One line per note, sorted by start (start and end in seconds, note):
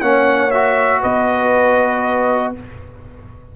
0.00 1.02 A#3
0.00 0.51 C#4
0.00 1.00 C#5
0.00 0.50 F#5
0.51 2.55 F#4
0.51 1.01 E5
1.00 2.55 B3
1.00 2.51 B4
1.00 2.54 D#5